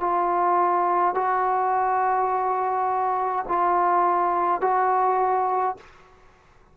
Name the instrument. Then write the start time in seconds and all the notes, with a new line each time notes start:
trombone
0.00 F4
1.14 F#4
3.48 F4
4.61 F#4